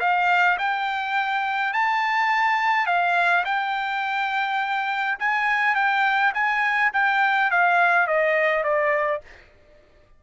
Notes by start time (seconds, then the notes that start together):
0.00 F5
0.58 G5
1.73 A5
2.86 F5
3.45 G5
5.19 G#5
5.75 G5
6.34 G#5
6.93 G5
7.51 F5
8.07 D#5
8.63 D5